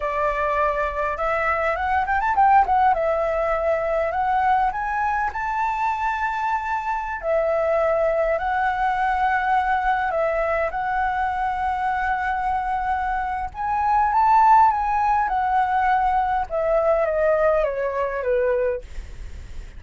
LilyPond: \new Staff \with { instrumentName = "flute" } { \time 4/4 \tempo 4 = 102 d''2 e''4 fis''8 g''16 a''16 | g''8 fis''8 e''2 fis''4 | gis''4 a''2.~ | a''16 e''2 fis''4.~ fis''16~ |
fis''4~ fis''16 e''4 fis''4.~ fis''16~ | fis''2. gis''4 | a''4 gis''4 fis''2 | e''4 dis''4 cis''4 b'4 | }